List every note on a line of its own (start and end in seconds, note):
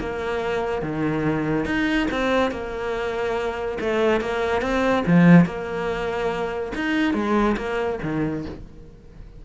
0.00 0.82 A#3
0.82 1.66 D#3
1.66 2.08 D#4
2.11 2.51 C4
2.51 3.78 A#3
3.81 4.21 A3
4.21 4.62 A#3
4.62 5.04 C4
5.06 5.46 F3
5.46 6.73 A#3
6.76 7.14 D#4
7.14 7.56 G#3
7.57 7.99 A#3
8.03 8.45 D#3